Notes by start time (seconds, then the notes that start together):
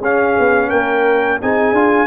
0.00 C#4 G#4 F5
0.39 B3
0.70 A#3 A#4 G5
1.42 C4 D#4 G#4 G#5
1.72 D4 F4